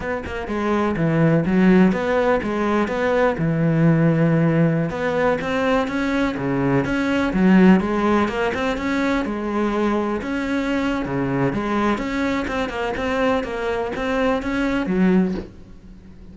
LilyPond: \new Staff \with { instrumentName = "cello" } { \time 4/4 \tempo 4 = 125 b8 ais8 gis4 e4 fis4 | b4 gis4 b4 e4~ | e2~ e16 b4 c'8.~ | c'16 cis'4 cis4 cis'4 fis8.~ |
fis16 gis4 ais8 c'8 cis'4 gis8.~ | gis4~ gis16 cis'4.~ cis'16 cis4 | gis4 cis'4 c'8 ais8 c'4 | ais4 c'4 cis'4 fis4 | }